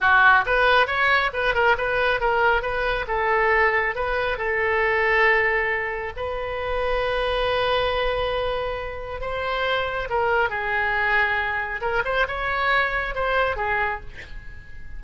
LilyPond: \new Staff \with { instrumentName = "oboe" } { \time 4/4 \tempo 4 = 137 fis'4 b'4 cis''4 b'8 ais'8 | b'4 ais'4 b'4 a'4~ | a'4 b'4 a'2~ | a'2 b'2~ |
b'1~ | b'4 c''2 ais'4 | gis'2. ais'8 c''8 | cis''2 c''4 gis'4 | }